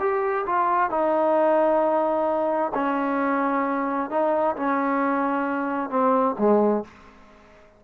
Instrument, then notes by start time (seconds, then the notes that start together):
trombone
0.00 G4
0.46 F4
0.91 D#4
2.75 C#4
4.11 D#4
4.56 C#4
5.90 C4
6.39 G#3